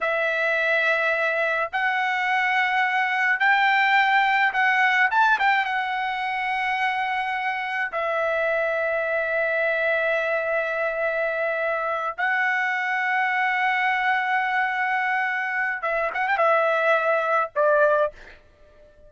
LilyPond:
\new Staff \with { instrumentName = "trumpet" } { \time 4/4 \tempo 4 = 106 e''2. fis''4~ | fis''2 g''2 | fis''4 a''8 g''8 fis''2~ | fis''2 e''2~ |
e''1~ | e''4. fis''2~ fis''8~ | fis''1 | e''8 fis''16 g''16 e''2 d''4 | }